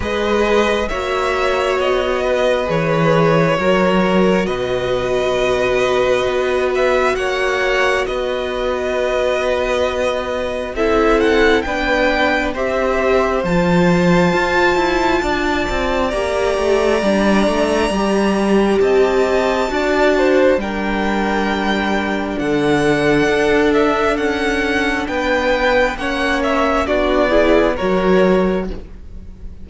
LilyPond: <<
  \new Staff \with { instrumentName = "violin" } { \time 4/4 \tempo 4 = 67 dis''4 e''4 dis''4 cis''4~ | cis''4 dis''2~ dis''8 e''8 | fis''4 dis''2. | e''8 fis''8 g''4 e''4 a''4~ |
a''2 ais''2~ | ais''4 a''2 g''4~ | g''4 fis''4. e''8 fis''4 | g''4 fis''8 e''8 d''4 cis''4 | }
  \new Staff \with { instrumentName = "violin" } { \time 4/4 b'4 cis''4. b'4. | ais'4 b'2. | cis''4 b'2. | a'4 b'4 c''2~ |
c''4 d''2.~ | d''4 dis''4 d''8 c''8 ais'4~ | ais'4 a'2. | b'4 cis''4 fis'8 gis'8 ais'4 | }
  \new Staff \with { instrumentName = "viola" } { \time 4/4 gis'4 fis'2 gis'4 | fis'1~ | fis'1 | e'4 d'4 g'4 f'4~ |
f'2 g'4 d'4 | g'2 fis'4 d'4~ | d'1~ | d'4 cis'4 d'8 e'8 fis'4 | }
  \new Staff \with { instrumentName = "cello" } { \time 4/4 gis4 ais4 b4 e4 | fis4 b,2 b4 | ais4 b2. | c'4 b4 c'4 f4 |
f'8 e'8 d'8 c'8 ais8 a8 g8 a8 | g4 c'4 d'4 g4~ | g4 d4 d'4 cis'4 | b4 ais4 b4 fis4 | }
>>